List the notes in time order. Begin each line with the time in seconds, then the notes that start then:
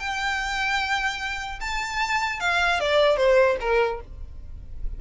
0.00 G5
1.61 A5
2.40 F5
2.80 D5
3.17 C5
3.61 A#4